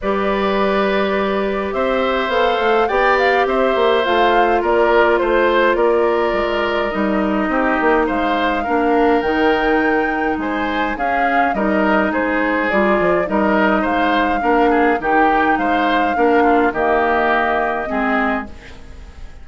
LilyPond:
<<
  \new Staff \with { instrumentName = "flute" } { \time 4/4 \tempo 4 = 104 d''2. e''4 | f''4 g''8 f''8 e''4 f''4 | d''4 c''4 d''2 | dis''2 f''2 |
g''2 gis''4 f''4 | dis''4 c''4 d''4 dis''4 | f''2 g''4 f''4~ | f''4 dis''2. | }
  \new Staff \with { instrumentName = "oboe" } { \time 4/4 b'2. c''4~ | c''4 d''4 c''2 | ais'4 c''4 ais'2~ | ais'4 g'4 c''4 ais'4~ |
ais'2 c''4 gis'4 | ais'4 gis'2 ais'4 | c''4 ais'8 gis'8 g'4 c''4 | ais'8 f'8 g'2 gis'4 | }
  \new Staff \with { instrumentName = "clarinet" } { \time 4/4 g'1 | a'4 g'2 f'4~ | f'1 | dis'2. d'4 |
dis'2. cis'4 | dis'2 f'4 dis'4~ | dis'4 d'4 dis'2 | d'4 ais2 c'4 | }
  \new Staff \with { instrumentName = "bassoon" } { \time 4/4 g2. c'4 | b8 a8 b4 c'8 ais8 a4 | ais4 a4 ais4 gis4 | g4 c'8 ais8 gis4 ais4 |
dis2 gis4 cis'4 | g4 gis4 g8 f8 g4 | gis4 ais4 dis4 gis4 | ais4 dis2 gis4 | }
>>